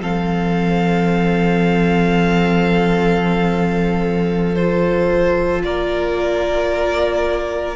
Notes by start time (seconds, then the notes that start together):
0.00 F3 C4 A4 F5
4.55 F4 C5
5.64 A#3 A#4 D5